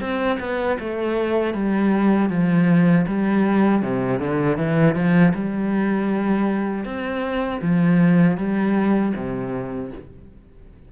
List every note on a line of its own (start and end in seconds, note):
0.00 0.38 C4
0.39 0.77 B3
0.79 1.53 A3
1.53 2.29 G3
2.29 3.05 F3
3.07 3.81 G3
3.81 4.19 C3
4.19 4.57 D3
4.57 4.95 E3
4.95 5.33 F3
5.34 6.85 G3
6.85 7.61 C4
7.61 8.37 F3
8.37 9.13 G3
9.15 9.91 C3